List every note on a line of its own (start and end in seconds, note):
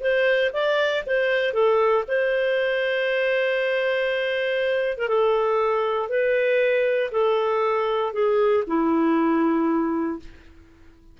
0.00 0.51 C5
0.53 1.04 D5
1.06 1.53 C5
1.53 2.04 A4
2.08 4.98 C5
4.98 5.08 A#4
5.08 6.09 A4
6.09 7.11 B4
7.11 8.13 A4
8.13 8.64 G#4
8.67 10.19 E4